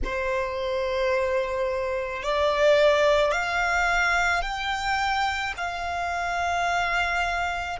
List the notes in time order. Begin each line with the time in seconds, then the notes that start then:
0.04 C5
2.22 D5
3.31 F5
4.41 G5
5.57 F5